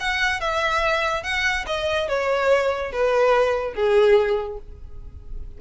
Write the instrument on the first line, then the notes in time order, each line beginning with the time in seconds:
violin
0.00 F#5
0.40 E5
1.23 F#5
1.66 D#5
2.08 C#5
2.92 B4
3.74 G#4